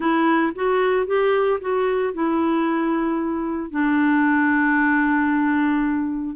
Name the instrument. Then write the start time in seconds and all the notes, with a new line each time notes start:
clarinet
0.00 E4
0.55 F#4
1.06 G4
1.60 F#4
2.13 E4
3.70 D4